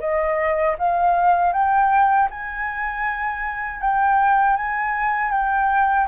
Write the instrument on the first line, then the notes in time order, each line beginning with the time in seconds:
flute
0.00 D#5
0.78 F5
1.53 G5
2.31 G#5
3.81 G5
4.56 G#5
5.31 G5